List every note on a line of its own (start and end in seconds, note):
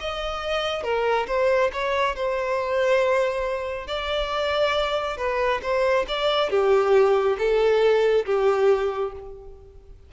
0.00 0.83 D#5
0.83 1.26 A#4
1.27 1.70 C5
1.72 2.15 C#5
2.15 3.87 C5
3.87 5.17 D5
5.17 5.60 B4
5.62 6.06 C5
6.08 6.50 D5
6.50 7.37 G4
7.38 8.25 A4
8.25 9.12 G4